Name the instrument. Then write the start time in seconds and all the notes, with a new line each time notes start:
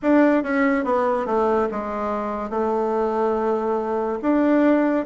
bassoon
0.02 D4
0.43 C#4
0.84 B3
1.26 A3
1.71 G#3
2.50 A3
4.22 D4